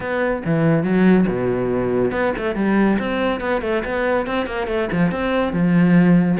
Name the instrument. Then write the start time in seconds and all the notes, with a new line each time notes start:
cello
0.00 B3
0.45 E3
0.83 F#3
1.27 B2
2.11 B3
2.37 A3
2.55 G3
2.99 C4
3.40 B3
3.61 A3
3.84 B3
4.26 C4
4.46 A#3
4.67 A3
4.91 F3
5.11 C4
5.52 F3